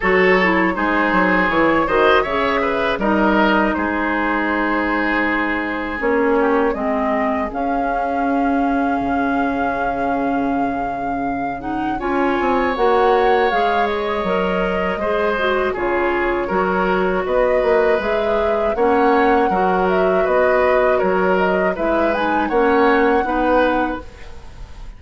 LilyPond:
<<
  \new Staff \with { instrumentName = "flute" } { \time 4/4 \tempo 4 = 80 cis''4 c''4 cis''8 dis''8 e''4 | dis''4 c''2. | cis''4 dis''4 f''2~ | f''2.~ f''8 fis''8 |
gis''4 fis''4 f''8 dis''4.~ | dis''4 cis''2 dis''4 | e''4 fis''4. e''8 dis''4 | cis''8 dis''8 e''8 gis''8 fis''2 | }
  \new Staff \with { instrumentName = "oboe" } { \time 4/4 a'4 gis'4. c''8 cis''8 b'8 | ais'4 gis'2.~ | gis'8 g'8 gis'2.~ | gis'1 |
cis''1 | c''4 gis'4 ais'4 b'4~ | b'4 cis''4 ais'4 b'4 | ais'4 b'4 cis''4 b'4 | }
  \new Staff \with { instrumentName = "clarinet" } { \time 4/4 fis'8 e'8 dis'4 e'8 fis'8 gis'4 | dis'1 | cis'4 c'4 cis'2~ | cis'2.~ cis'8 dis'8 |
f'4 fis'4 gis'4 ais'4 | gis'8 fis'8 f'4 fis'2 | gis'4 cis'4 fis'2~ | fis'4 e'8 dis'8 cis'4 dis'4 | }
  \new Staff \with { instrumentName = "bassoon" } { \time 4/4 fis4 gis8 fis8 e8 dis8 cis4 | g4 gis2. | ais4 gis4 cis'2 | cis1 |
cis'8 c'8 ais4 gis4 fis4 | gis4 cis4 fis4 b8 ais8 | gis4 ais4 fis4 b4 | fis4 gis4 ais4 b4 | }
>>